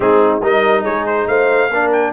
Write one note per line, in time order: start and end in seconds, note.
0.00 0.42 G#3
0.00 0.41 C4
0.00 0.42 D#4
0.00 0.39 G#4
0.42 0.84 G3
0.42 1.70 D#4
0.42 0.81 A#4
0.42 0.84 D#5
0.81 1.27 G#3
0.81 1.24 G#4
0.81 1.05 C#5
1.06 1.27 C5
1.27 1.70 A3
1.27 1.70 C5
1.27 1.91 F5
1.70 2.12 A#3
1.70 2.13 D4
1.70 2.13 A#4
1.92 2.13 G5